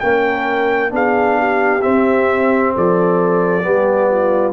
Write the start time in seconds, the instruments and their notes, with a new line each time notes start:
0.00 tuba A#3, trombone C#4, horn A#4, trumpet G5
0.90 tuba B3, trombone D4, horn G#4, trumpet F5
1.39 horn G4
1.82 trombone C4, tuba C4, trumpet E5
2.74 tuba F3, horn A4, trumpet D5
3.62 tuba G3, trombone B3, horn G4
4.10 horn F4